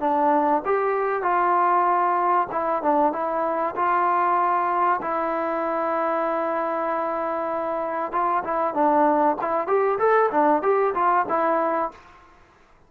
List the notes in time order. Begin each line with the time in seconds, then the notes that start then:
0.00 D4
0.65 G4
1.23 F4
2.52 E4
2.83 D4
3.12 E4
3.76 F4
5.02 E4
8.12 F4
8.44 E4
8.74 D4
9.41 E4
9.68 G4
9.99 A4
10.32 D4
10.62 G4
10.95 F4
11.29 E4